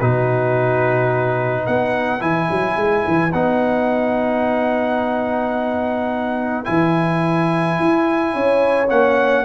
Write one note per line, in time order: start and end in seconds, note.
0.00 1.67 B2
0.00 2.20 D#4
0.00 1.64 F#4
0.00 1.67 B4
1.64 2.22 B3
1.64 8.31 B4
1.64 2.22 F#5
2.20 2.49 E3
2.20 3.31 E4
2.20 3.33 G#5
2.51 2.77 F#3
2.77 3.04 G#3
3.08 3.34 E3
3.33 6.67 B3
3.33 6.65 D#4
3.33 6.65 F#5
6.65 7.80 E3
6.65 8.87 E4
6.65 8.87 G#5
7.80 8.36 E4
8.34 8.91 C#4
8.34 9.45 C#5
8.90 9.45 A#3
8.90 9.45 C#4
8.90 9.45 F#5